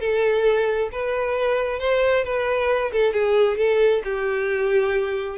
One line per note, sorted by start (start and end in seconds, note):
0.00 0.90 A4
0.91 1.79 B4
1.79 2.24 C5
2.24 2.91 B4
2.92 3.13 A4
3.13 3.57 G#4
3.57 4.02 A4
4.04 5.38 G4